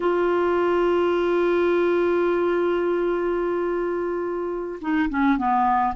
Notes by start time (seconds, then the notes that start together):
0.00 F4
4.81 D#4
5.09 C#4
5.37 B3